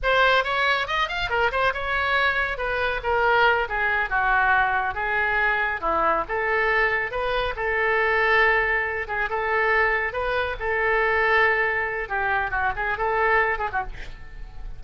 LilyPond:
\new Staff \with { instrumentName = "oboe" } { \time 4/4 \tempo 4 = 139 c''4 cis''4 dis''8 f''8 ais'8 c''8 | cis''2 b'4 ais'4~ | ais'8 gis'4 fis'2 gis'8~ | gis'4. e'4 a'4.~ |
a'8 b'4 a'2~ a'8~ | a'4 gis'8 a'2 b'8~ | b'8 a'2.~ a'8 | g'4 fis'8 gis'8 a'4. gis'16 fis'16 | }